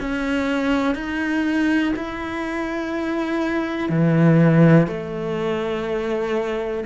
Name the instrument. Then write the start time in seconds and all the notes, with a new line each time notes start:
cello
0.00 C#4
0.95 D#4
1.96 E4
3.89 E3
4.87 A3